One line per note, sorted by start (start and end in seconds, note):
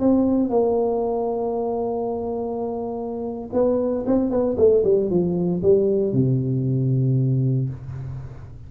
0.00 0.50 C4
0.50 3.50 A#3
3.53 4.06 B3
4.07 4.31 C4
4.31 4.57 B3
4.58 4.84 A3
4.85 5.11 G3
5.11 5.63 F3
5.63 6.13 G3
6.13 7.70 C3